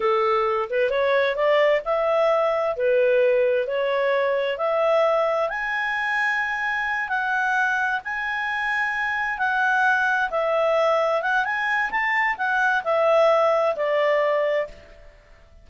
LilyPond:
\new Staff \with { instrumentName = "clarinet" } { \time 4/4 \tempo 4 = 131 a'4. b'8 cis''4 d''4 | e''2 b'2 | cis''2 e''2 | gis''2.~ gis''8 fis''8~ |
fis''4. gis''2~ gis''8~ | gis''8 fis''2 e''4.~ | e''8 fis''8 gis''4 a''4 fis''4 | e''2 d''2 | }